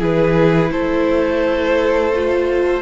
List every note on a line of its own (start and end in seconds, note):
0.00 0.72 E3
0.00 2.12 E4
0.00 0.71 G#4
0.00 0.72 B4
0.72 2.82 A3
0.72 2.82 A4
0.72 2.82 C5
2.15 2.82 F4